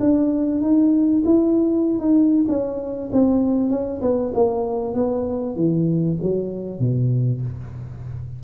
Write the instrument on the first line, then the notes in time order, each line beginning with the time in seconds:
tuba
0.00 D4
0.61 D#4
1.25 E4
1.99 D#4
2.48 C#4
3.12 C4
3.70 C#4
4.01 B3
4.34 A#3
4.94 B3
5.56 E3
6.22 F#3
6.80 B2